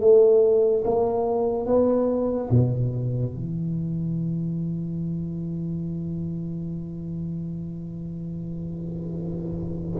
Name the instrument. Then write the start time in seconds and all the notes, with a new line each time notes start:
tuba
0.00 A3
0.84 A#3
1.66 B3
2.50 B2
3.33 E3